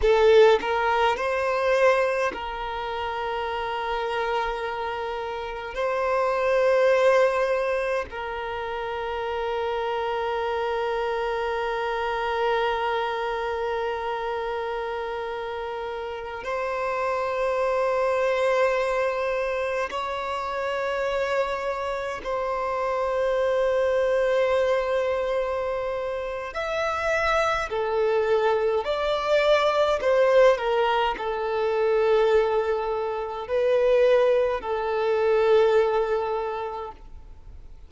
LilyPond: \new Staff \with { instrumentName = "violin" } { \time 4/4 \tempo 4 = 52 a'8 ais'8 c''4 ais'2~ | ais'4 c''2 ais'4~ | ais'1~ | ais'2~ ais'16 c''4.~ c''16~ |
c''4~ c''16 cis''2 c''8.~ | c''2. e''4 | a'4 d''4 c''8 ais'8 a'4~ | a'4 b'4 a'2 | }